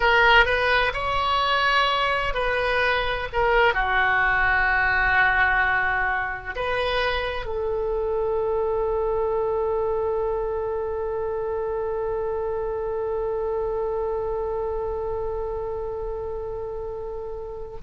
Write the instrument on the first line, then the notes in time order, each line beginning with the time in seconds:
oboe
0.00 A#4
0.45 B4
0.93 C#5
2.34 B4
3.32 A#4
3.74 F#4
6.55 B4
7.45 A4